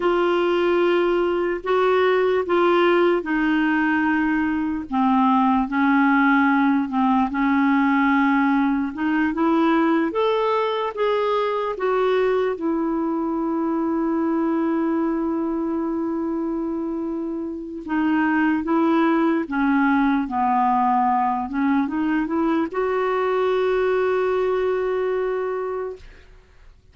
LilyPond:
\new Staff \with { instrumentName = "clarinet" } { \time 4/4 \tempo 4 = 74 f'2 fis'4 f'4 | dis'2 c'4 cis'4~ | cis'8 c'8 cis'2 dis'8 e'8~ | e'8 a'4 gis'4 fis'4 e'8~ |
e'1~ | e'2 dis'4 e'4 | cis'4 b4. cis'8 dis'8 e'8 | fis'1 | }